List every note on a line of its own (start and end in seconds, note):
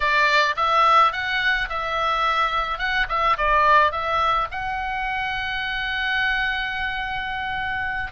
0.00 0.55 D5
0.56 1.12 E5
1.12 1.68 F#5
1.69 2.78 E5
2.78 3.06 F#5
3.08 3.36 E5
3.37 3.91 D5
3.91 4.47 E5
4.51 8.11 F#5